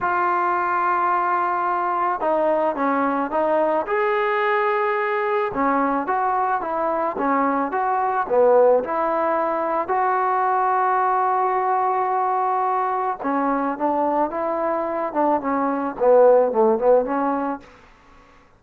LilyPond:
\new Staff \with { instrumentName = "trombone" } { \time 4/4 \tempo 4 = 109 f'1 | dis'4 cis'4 dis'4 gis'4~ | gis'2 cis'4 fis'4 | e'4 cis'4 fis'4 b4 |
e'2 fis'2~ | fis'1 | cis'4 d'4 e'4. d'8 | cis'4 b4 a8 b8 cis'4 | }